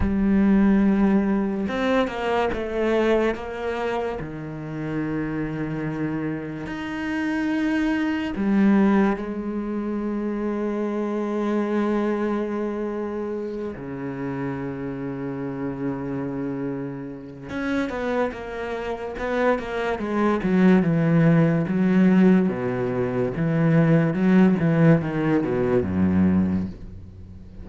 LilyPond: \new Staff \with { instrumentName = "cello" } { \time 4/4 \tempo 4 = 72 g2 c'8 ais8 a4 | ais4 dis2. | dis'2 g4 gis4~ | gis1~ |
gis8 cis2.~ cis8~ | cis4 cis'8 b8 ais4 b8 ais8 | gis8 fis8 e4 fis4 b,4 | e4 fis8 e8 dis8 b,8 fis,4 | }